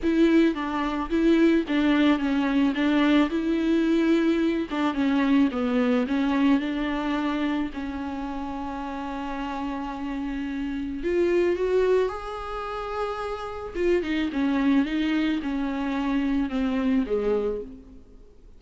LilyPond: \new Staff \with { instrumentName = "viola" } { \time 4/4 \tempo 4 = 109 e'4 d'4 e'4 d'4 | cis'4 d'4 e'2~ | e'8 d'8 cis'4 b4 cis'4 | d'2 cis'2~ |
cis'1 | f'4 fis'4 gis'2~ | gis'4 f'8 dis'8 cis'4 dis'4 | cis'2 c'4 gis4 | }